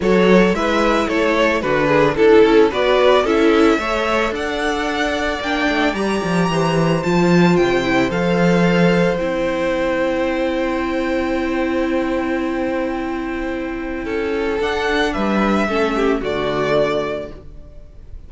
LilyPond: <<
  \new Staff \with { instrumentName = "violin" } { \time 4/4 \tempo 4 = 111 cis''4 e''4 cis''4 b'4 | a'4 d''4 e''2 | fis''2 g''4 ais''4~ | ais''4 a''4 g''4 f''4~ |
f''4 g''2.~ | g''1~ | g''2. fis''4 | e''2 d''2 | }
  \new Staff \with { instrumentName = "violin" } { \time 4/4 a'4 b'4 a'4 fis'8 gis'8 | a'4 b'4 a'4 cis''4 | d''1 | c''1~ |
c''1~ | c''1~ | c''2 a'2 | b'4 a'8 g'8 fis'2 | }
  \new Staff \with { instrumentName = "viola" } { \time 4/4 fis'4 e'2 d'4 | e'4 fis'4 e'4 a'4~ | a'2 d'4 g'4~ | g'4 f'4. e'8 a'4~ |
a'4 e'2.~ | e'1~ | e'2. d'4~ | d'4 cis'4 a2 | }
  \new Staff \with { instrumentName = "cello" } { \time 4/4 fis4 gis4 a4 d4 | d'8 cis'8 b4 cis'4 a4 | d'2 ais8 a8 g8 f8 | e4 f4 c4 f4~ |
f4 c'2.~ | c'1~ | c'2 cis'4 d'4 | g4 a4 d2 | }
>>